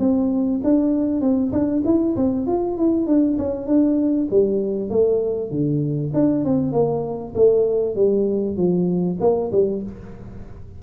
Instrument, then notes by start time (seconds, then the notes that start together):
tuba
0.00 C4
0.64 D4
1.21 C4
1.53 D4
1.85 E4
2.17 C4
2.47 F4
2.78 E4
3.07 D4
3.39 C#4
3.67 D4
4.31 G3
4.90 A3
5.51 D3
6.14 D4
6.45 C4
6.72 A#3
7.36 A3
7.96 G3
8.57 F3
9.21 A#3
9.52 G3